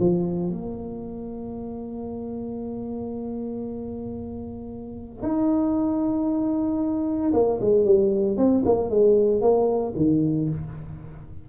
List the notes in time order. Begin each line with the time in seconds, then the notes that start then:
0.00 F3
0.50 A#3
5.22 D#4
7.33 A#3
7.61 G#3
7.85 G3
8.37 C4
8.65 A#3
8.90 G#3
9.41 A#3
9.96 D#3